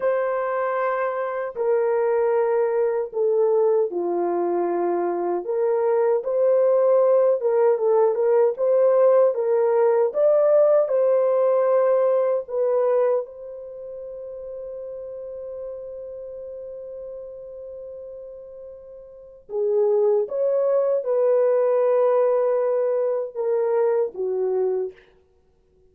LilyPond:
\new Staff \with { instrumentName = "horn" } { \time 4/4 \tempo 4 = 77 c''2 ais'2 | a'4 f'2 ais'4 | c''4. ais'8 a'8 ais'8 c''4 | ais'4 d''4 c''2 |
b'4 c''2.~ | c''1~ | c''4 gis'4 cis''4 b'4~ | b'2 ais'4 fis'4 | }